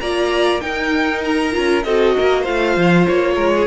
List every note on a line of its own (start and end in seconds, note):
0.00 0.62 A#3
0.00 0.61 F4
0.00 0.63 D5
0.00 0.61 A#5
0.61 1.52 D#4
0.61 1.55 D#4
0.61 1.85 A#4
0.61 1.22 G5
1.25 1.83 A#5
1.52 1.85 C#4
1.52 1.83 F4
1.83 2.15 C4
1.83 2.45 F#4
1.83 2.15 A4
1.83 2.44 D#5
2.16 2.48 A#3
2.16 2.41 A#4
2.41 3.67 F4
2.41 3.33 C5
2.41 3.06 F5
2.48 2.77 A3
2.77 3.07 F3
3.08 3.36 A#3
3.08 3.67 C#5
3.35 3.67 G#3
3.35 3.51 A#4
3.55 3.67 G#4